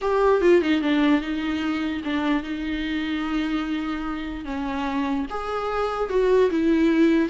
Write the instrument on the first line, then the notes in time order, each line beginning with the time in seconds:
viola
0.01 G4
0.41 F4
0.61 D#4
0.81 D4
1.21 D#4
2.04 D4
2.43 D#4
4.44 C#4
5.29 G#4
6.09 F#4
6.50 E4